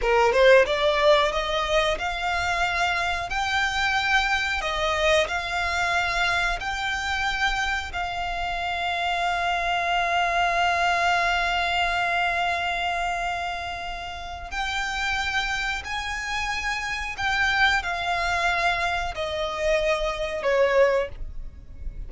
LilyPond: \new Staff \with { instrumentName = "violin" } { \time 4/4 \tempo 4 = 91 ais'8 c''8 d''4 dis''4 f''4~ | f''4 g''2 dis''4 | f''2 g''2 | f''1~ |
f''1~ | f''2 g''2 | gis''2 g''4 f''4~ | f''4 dis''2 cis''4 | }